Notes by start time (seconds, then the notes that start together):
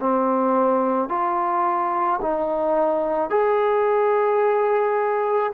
0.00 C4
1.09 F4
2.22 D#4
3.30 G#4